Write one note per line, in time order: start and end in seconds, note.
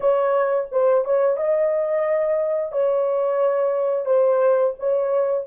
0.00 0.68 C#5
0.71 1.04 C5
1.04 1.36 C#5
1.36 2.71 D#5
2.71 4.05 C#5
4.05 4.74 C5
4.79 5.47 C#5